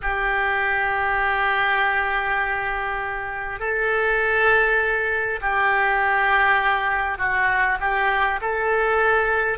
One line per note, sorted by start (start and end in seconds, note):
0.02 3.59 G4
3.59 5.39 A4
5.41 7.18 G4
7.18 7.78 F#4
7.79 8.39 G4
8.41 9.58 A4